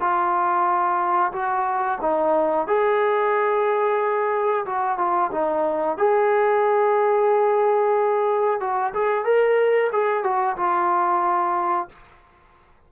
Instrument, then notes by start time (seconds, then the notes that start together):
trombone
0.00 F4
1.32 F#4
2.01 D#4
2.67 G#4
4.65 F#4
4.98 F4
5.31 D#4
5.98 G#4
8.60 F#4
8.93 G#4
9.25 A#4
9.92 G#4
10.23 F#4
10.56 F4